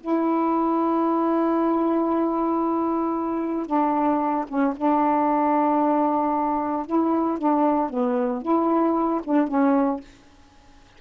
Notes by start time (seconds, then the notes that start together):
0.00 E4
3.66 D4
4.48 C#4
4.76 D4
6.86 E4
7.38 D4
7.89 B3
8.42 E4
9.24 D4
9.47 C#4